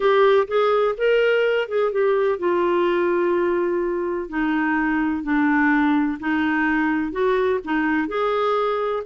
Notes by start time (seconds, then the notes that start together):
0.00 G4
0.47 G#4
0.97 A#4
1.68 G#4
1.92 G4
2.38 F4
4.29 D#4
5.23 D4
6.19 D#4
7.12 F#4
7.64 D#4
8.08 G#4